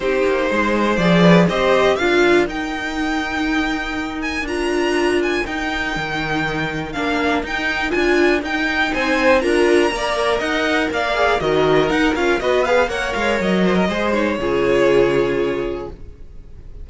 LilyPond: <<
  \new Staff \with { instrumentName = "violin" } { \time 4/4 \tempo 4 = 121 c''2 d''4 dis''4 | f''4 g''2.~ | g''8 gis''8 ais''4. gis''8 g''4~ | g''2 f''4 g''4 |
gis''4 g''4 gis''4 ais''4~ | ais''4 fis''4 f''4 dis''4 | fis''8 f''8 dis''8 f''8 fis''8 f''8 dis''4~ | dis''8 cis''2.~ cis''8 | }
  \new Staff \with { instrumentName = "violin" } { \time 4/4 g'4 c''4. b'8 c''4 | ais'1~ | ais'1~ | ais'1~ |
ais'2 c''4 ais'4 | d''4 dis''4 d''4 ais'4~ | ais'4 b'4 cis''4. c''16 ais'16 | c''4 gis'2. | }
  \new Staff \with { instrumentName = "viola" } { \time 4/4 dis'2 gis'4 g'4 | f'4 dis'2.~ | dis'4 f'2 dis'4~ | dis'2 d'4 dis'4 |
f'4 dis'2 f'4 | ais'2~ ais'8 gis'8 fis'4 | dis'8 f'8 fis'8 gis'8 ais'2 | gis'8 dis'8 f'2. | }
  \new Staff \with { instrumentName = "cello" } { \time 4/4 c'8 ais8 gis4 f4 c'4 | d'4 dis'2.~ | dis'4 d'2 dis'4 | dis2 ais4 dis'4 |
d'4 dis'4 c'4 d'4 | ais4 dis'4 ais4 dis4 | dis'8 cis'8 b4 ais8 gis8 fis4 | gis4 cis2. | }
>>